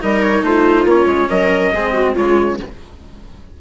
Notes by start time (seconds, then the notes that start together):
0.00 G3 D#4 A#4 D#5
0.22 C#5
0.43 A3 F4 C5
0.85 A#3 C#4 C#5
1.06 G#3
1.29 F#3 A#4 D#5
1.73 G#3 C4 G#4
1.94 F#4
2.14 C#3 G#3 F4 C#5